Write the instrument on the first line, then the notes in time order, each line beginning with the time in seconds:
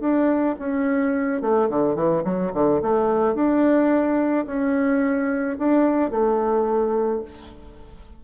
bassoon
0.00 D4
0.60 C#4
1.42 A3
1.69 D3
1.95 E3
2.24 F#3
2.54 D3
2.82 A3
3.35 D4
4.47 C#4
5.59 D4
6.11 A3